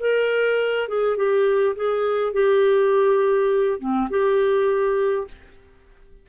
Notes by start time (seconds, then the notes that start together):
0.00 A#4
0.88 G#4
1.17 G4
1.76 G#4
2.33 G4
3.79 C4
4.10 G4